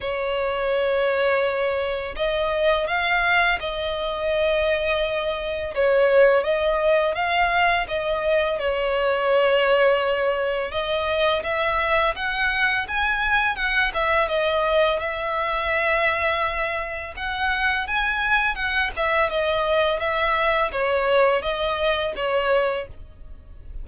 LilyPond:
\new Staff \with { instrumentName = "violin" } { \time 4/4 \tempo 4 = 84 cis''2. dis''4 | f''4 dis''2. | cis''4 dis''4 f''4 dis''4 | cis''2. dis''4 |
e''4 fis''4 gis''4 fis''8 e''8 | dis''4 e''2. | fis''4 gis''4 fis''8 e''8 dis''4 | e''4 cis''4 dis''4 cis''4 | }